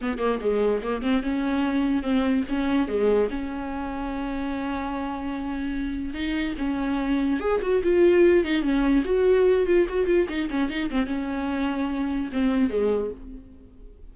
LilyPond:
\new Staff \with { instrumentName = "viola" } { \time 4/4 \tempo 4 = 146 b8 ais8 gis4 ais8 c'8 cis'4~ | cis'4 c'4 cis'4 gis4 | cis'1~ | cis'2. dis'4 |
cis'2 gis'8 fis'8 f'4~ | f'8 dis'8 cis'4 fis'4. f'8 | fis'8 f'8 dis'8 cis'8 dis'8 c'8 cis'4~ | cis'2 c'4 gis4 | }